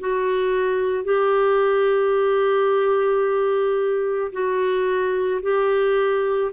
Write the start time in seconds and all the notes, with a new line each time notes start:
0.00 F#4
1.04 G4
4.32 F#4
5.42 G4